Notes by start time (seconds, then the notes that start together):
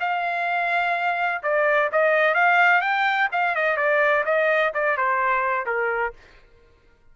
0.00 F5
1.43 D5
1.92 D#5
2.35 F5
2.81 G5
3.32 F5
3.55 D#5
3.77 D5
4.25 D#5
4.74 D5
4.97 C5
5.66 A#4